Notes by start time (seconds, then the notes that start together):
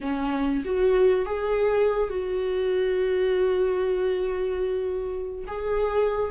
0.00 C#4
0.64 F#4
1.25 G#4
2.09 F#4
5.47 G#4